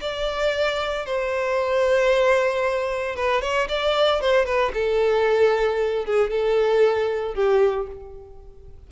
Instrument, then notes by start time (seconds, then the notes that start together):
violin
0.00 D5
1.05 C5
3.16 B4
3.41 C#5
3.68 D5
4.21 C5
4.45 B4
4.73 A4
6.05 G#4
6.30 A4
7.34 G4